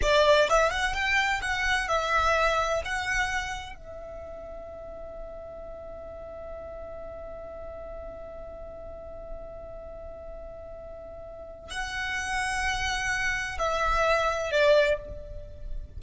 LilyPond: \new Staff \with { instrumentName = "violin" } { \time 4/4 \tempo 4 = 128 d''4 e''8 fis''8 g''4 fis''4 | e''2 fis''2 | e''1~ | e''1~ |
e''1~ | e''1~ | e''4 fis''2.~ | fis''4 e''2 d''4 | }